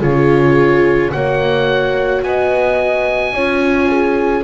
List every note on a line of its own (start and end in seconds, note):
0.00 1.11 C#3
0.00 1.12 F4
0.00 1.13 G#4
0.00 1.12 C#5
1.12 2.22 A#3
1.12 3.34 F#4
1.12 2.24 C#5
1.12 2.23 F#5
2.22 3.32 B3
2.22 3.34 D#5
2.22 4.44 G#5
3.32 4.44 C#4
3.32 4.44 F4
3.32 3.89 C#5
3.89 4.44 G#4